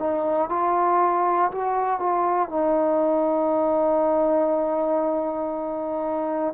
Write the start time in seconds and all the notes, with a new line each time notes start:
0.00 D#4
0.50 F4
1.52 F#4
2.00 F4
2.50 D#4